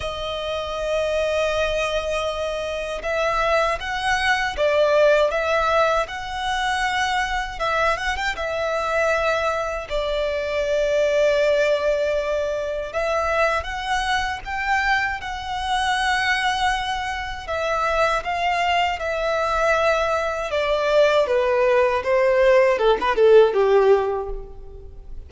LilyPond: \new Staff \with { instrumentName = "violin" } { \time 4/4 \tempo 4 = 79 dis''1 | e''4 fis''4 d''4 e''4 | fis''2 e''8 fis''16 g''16 e''4~ | e''4 d''2.~ |
d''4 e''4 fis''4 g''4 | fis''2. e''4 | f''4 e''2 d''4 | b'4 c''4 a'16 b'16 a'8 g'4 | }